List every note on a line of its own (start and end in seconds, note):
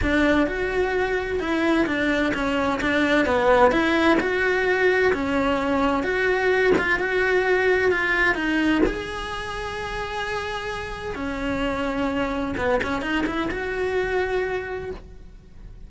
0.02 0.46 D4
0.46 1.39 F#4
1.39 1.86 E4
1.86 2.33 D4
2.34 2.80 C#4
2.81 3.25 D4
3.25 3.71 B3
3.71 4.18 E4
4.20 5.13 F#4
5.13 6.03 C#4
6.03 6.73 F#4
6.78 6.99 F4
6.99 7.91 F#4
7.91 8.35 F4
8.35 8.81 D#4
8.86 11.15 G#4
11.15 12.55 C#4
12.57 12.80 B3
12.83 13.01 C#4
13.01 13.25 D#4
13.26 13.49 E4
13.50 14.90 F#4